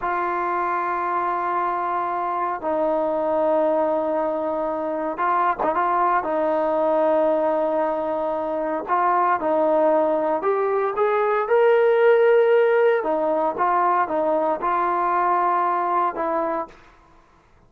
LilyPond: \new Staff \with { instrumentName = "trombone" } { \time 4/4 \tempo 4 = 115 f'1~ | f'4 dis'2.~ | dis'2 f'8. dis'16 f'4 | dis'1~ |
dis'4 f'4 dis'2 | g'4 gis'4 ais'2~ | ais'4 dis'4 f'4 dis'4 | f'2. e'4 | }